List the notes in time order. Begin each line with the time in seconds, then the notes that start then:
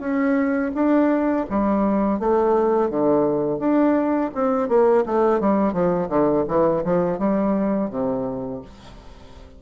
0.00 C#4
0.75 D4
1.50 G3
2.19 A3
2.90 D3
3.59 D4
4.35 C4
4.69 A#3
5.06 A3
5.41 G3
5.73 F3
6.09 D3
6.48 E3
6.84 F3
7.19 G3
7.91 C3